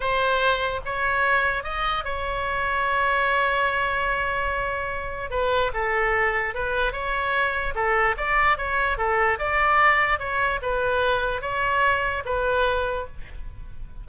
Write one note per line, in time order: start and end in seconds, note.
0.00 0.81 C5
0.85 1.63 C#5
1.63 2.04 D#5
2.04 5.30 C#5
5.30 5.71 B4
5.73 6.54 A4
6.54 6.92 B4
6.92 7.74 C#5
7.75 8.15 A4
8.17 8.57 D5
8.57 8.97 C#5
8.97 9.38 A4
9.38 10.19 D5
10.19 10.60 C#5
10.62 11.41 B4
11.41 12.23 C#5
12.25 13.06 B4